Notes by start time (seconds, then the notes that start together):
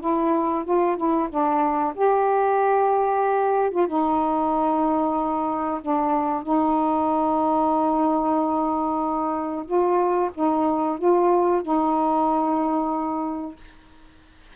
0.00 E4
0.65 F4
0.97 E4
1.30 D4
1.95 G4
3.71 F4
3.87 D#4
5.81 D4
6.43 D#4
9.66 F4
10.34 D#4
10.99 F4
11.62 D#4